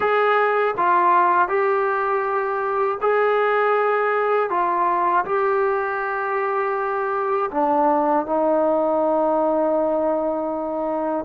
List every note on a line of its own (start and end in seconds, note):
0.00 0.74 G#4
0.77 1.48 F4
1.48 2.98 G4
3.01 4.50 G#4
4.50 5.25 F4
5.25 7.50 G4
7.51 8.25 D4
8.25 11.25 D#4